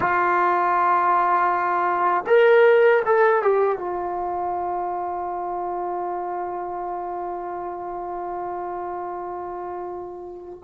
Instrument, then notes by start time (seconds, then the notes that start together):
trombone
0.00 F4
2.26 A#4
3.06 A4
3.42 G4
3.78 F4